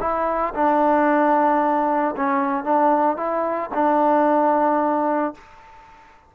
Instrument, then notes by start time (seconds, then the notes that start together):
trombone
0.00 E4
0.55 D4
2.16 C#4
2.64 D4
3.17 E4
3.74 D4